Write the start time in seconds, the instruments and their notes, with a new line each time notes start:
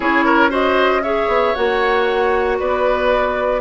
0.00 bassoon C#4, clarinet E4, oboe G#4, flute C#5
0.25 oboe A#4
0.49 clarinet F#4, oboe C5, flute D#5
1.03 clarinet G#4, oboe C#5, flute E5
1.27 bassoon B3
1.54 bassoon A#3, clarinet F#4, flute F#5
2.59 bassoon B3, oboe B4, flute D5